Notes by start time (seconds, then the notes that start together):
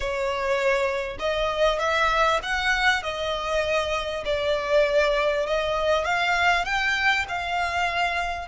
0.00 C#5
1.19 D#5
1.79 E5
2.42 F#5
3.02 D#5
4.25 D5
5.46 D#5
6.04 F5
6.64 G5
7.28 F5